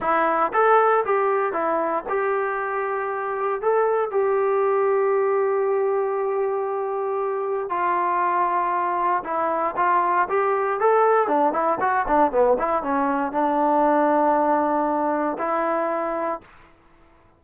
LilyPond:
\new Staff \with { instrumentName = "trombone" } { \time 4/4 \tempo 4 = 117 e'4 a'4 g'4 e'4 | g'2. a'4 | g'1~ | g'2. f'4~ |
f'2 e'4 f'4 | g'4 a'4 d'8 e'8 fis'8 d'8 | b8 e'8 cis'4 d'2~ | d'2 e'2 | }